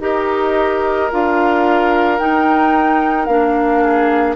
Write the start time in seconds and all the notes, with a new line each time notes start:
0.00 D#4 G4 A#4 D#5
1.11 D4 F4 F5
2.19 D#4 G5
3.25 A#3 D4 F5
3.84 G#4